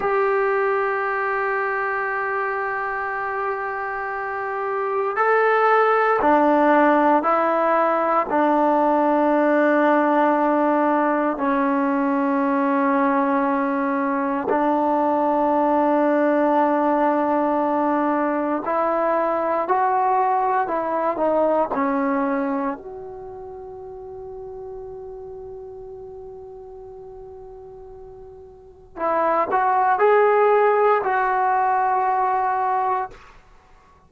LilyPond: \new Staff \with { instrumentName = "trombone" } { \time 4/4 \tempo 4 = 58 g'1~ | g'4 a'4 d'4 e'4 | d'2. cis'4~ | cis'2 d'2~ |
d'2 e'4 fis'4 | e'8 dis'8 cis'4 fis'2~ | fis'1 | e'8 fis'8 gis'4 fis'2 | }